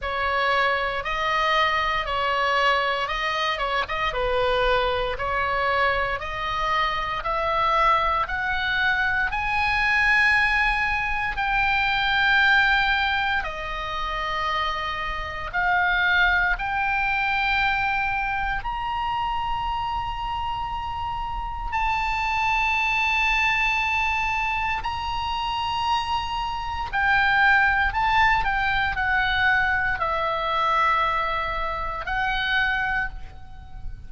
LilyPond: \new Staff \with { instrumentName = "oboe" } { \time 4/4 \tempo 4 = 58 cis''4 dis''4 cis''4 dis''8 cis''16 dis''16 | b'4 cis''4 dis''4 e''4 | fis''4 gis''2 g''4~ | g''4 dis''2 f''4 |
g''2 ais''2~ | ais''4 a''2. | ais''2 g''4 a''8 g''8 | fis''4 e''2 fis''4 | }